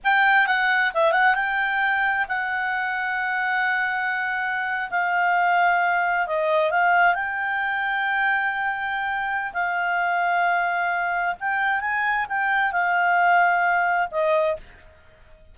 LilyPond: \new Staff \with { instrumentName = "clarinet" } { \time 4/4 \tempo 4 = 132 g''4 fis''4 e''8 fis''8 g''4~ | g''4 fis''2.~ | fis''2~ fis''8. f''4~ f''16~ | f''4.~ f''16 dis''4 f''4 g''16~ |
g''1~ | g''4 f''2.~ | f''4 g''4 gis''4 g''4 | f''2. dis''4 | }